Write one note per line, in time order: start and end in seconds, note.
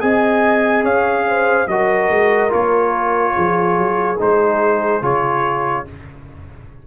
0.00 0.83 C4
0.00 1.67 G#4
0.00 0.84 D#5
0.00 0.84 G#5
0.83 1.66 C#4
0.83 1.26 C#5
0.83 1.68 F5
1.28 1.69 C5
1.67 2.09 F#3
1.67 2.49 F#4
1.67 3.35 A#4
1.67 2.51 D#5
2.09 2.51 G#3
2.49 3.37 A#3
2.49 4.16 F4
2.49 4.19 C#5
3.35 3.78 F3
3.35 5.85 G#4
3.78 4.19 F#3
4.18 5.02 G#3
4.18 5.02 D#4
4.18 5.04 C5
5.02 5.85 C#3
5.02 5.85 F4
5.02 5.87 C#5